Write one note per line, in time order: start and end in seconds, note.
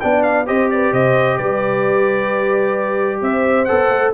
0.00 0.49 B3
0.00 0.46 D4
0.00 0.47 D5
0.00 0.23 G5
0.23 0.46 F5
0.46 0.93 C4
0.46 3.67 G4
0.46 0.70 C5
0.46 0.70 D#5
0.70 0.92 B4
0.70 0.93 D5
0.92 1.38 C3
0.92 1.37 C5
0.92 1.38 D#5
1.37 3.22 G3
1.37 3.20 B4
1.37 3.21 D5
3.22 3.68 C4
3.22 4.13 C5
3.22 3.65 E5
3.65 3.89 B3
3.65 4.13 A4
3.65 4.11 F#5
3.89 4.12 A3